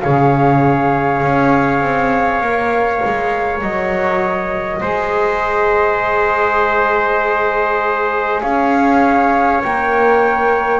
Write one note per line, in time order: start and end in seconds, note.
0.00 1.22 C#3
0.00 2.44 G#4
0.00 4.81 C#5
0.00 3.60 F5
1.22 1.81 C#4
1.81 2.41 C4
2.41 3.00 A#3
2.41 4.81 A#4
3.04 3.61 G#3
3.61 4.81 F#3
3.61 8.41 D#5
4.81 8.42 G#3
4.81 9.61 G#4
4.81 8.41 C5
8.41 9.62 C#4
8.41 10.80 C#5
8.41 9.61 F5
9.62 10.80 A#3
9.62 10.80 A#4
9.62 10.80 G5